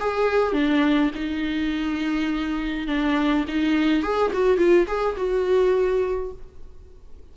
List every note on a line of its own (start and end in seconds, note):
0.00 0.53 G#4
0.53 1.10 D4
1.15 2.87 D#4
2.87 3.45 D4
3.48 4.03 D#4
4.03 4.31 G#4
4.33 4.57 F#4
4.57 4.86 F4
4.87 5.16 G#4
5.16 6.32 F#4